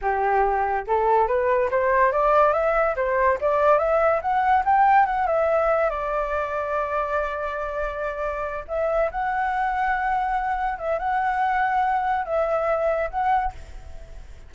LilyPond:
\new Staff \with { instrumentName = "flute" } { \time 4/4 \tempo 4 = 142 g'2 a'4 b'4 | c''4 d''4 e''4 c''4 | d''4 e''4 fis''4 g''4 | fis''8 e''4. d''2~ |
d''1~ | d''8 e''4 fis''2~ fis''8~ | fis''4. e''8 fis''2~ | fis''4 e''2 fis''4 | }